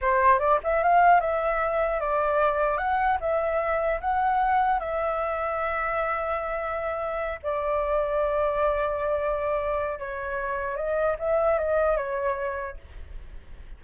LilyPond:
\new Staff \with { instrumentName = "flute" } { \time 4/4 \tempo 4 = 150 c''4 d''8 e''8 f''4 e''4~ | e''4 d''2 fis''4 | e''2 fis''2 | e''1~ |
e''2~ e''8 d''4.~ | d''1~ | d''4 cis''2 dis''4 | e''4 dis''4 cis''2 | }